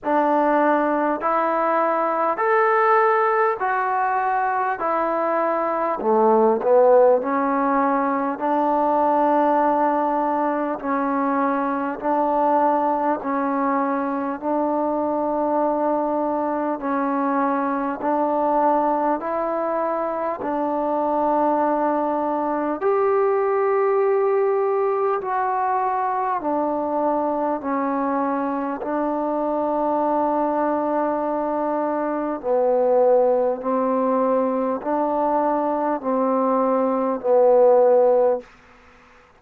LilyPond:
\new Staff \with { instrumentName = "trombone" } { \time 4/4 \tempo 4 = 50 d'4 e'4 a'4 fis'4 | e'4 a8 b8 cis'4 d'4~ | d'4 cis'4 d'4 cis'4 | d'2 cis'4 d'4 |
e'4 d'2 g'4~ | g'4 fis'4 d'4 cis'4 | d'2. b4 | c'4 d'4 c'4 b4 | }